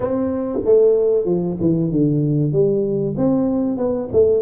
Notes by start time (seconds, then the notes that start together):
0.00 C4
0.64 A3
1.25 F3
1.60 E3
1.91 D3
2.52 G3
3.17 C4
3.77 B3
4.12 A3